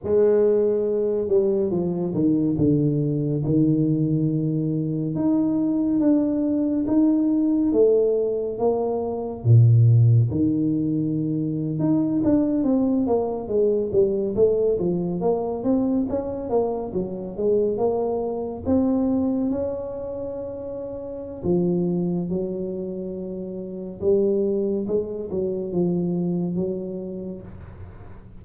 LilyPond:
\new Staff \with { instrumentName = "tuba" } { \time 4/4 \tempo 4 = 70 gis4. g8 f8 dis8 d4 | dis2 dis'4 d'4 | dis'4 a4 ais4 ais,4 | dis4.~ dis16 dis'8 d'8 c'8 ais8 gis16~ |
gis16 g8 a8 f8 ais8 c'8 cis'8 ais8 fis16~ | fis16 gis8 ais4 c'4 cis'4~ cis'16~ | cis'4 f4 fis2 | g4 gis8 fis8 f4 fis4 | }